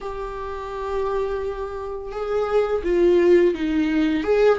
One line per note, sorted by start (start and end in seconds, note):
0.00 2.11 G4
2.11 2.82 G#4
2.83 3.54 F4
3.54 4.23 D#4
4.23 4.58 G#4